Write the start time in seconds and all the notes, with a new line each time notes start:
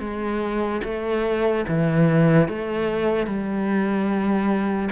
0.00 G#3
0.84 A3
1.68 E3
2.48 A3
3.27 G3